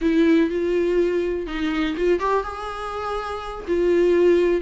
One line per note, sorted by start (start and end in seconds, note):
0.01 0.50 E4
0.50 1.46 F4
1.46 1.95 D#4
1.96 2.19 F4
2.19 2.43 G4
2.43 3.65 G#4
3.67 4.61 F4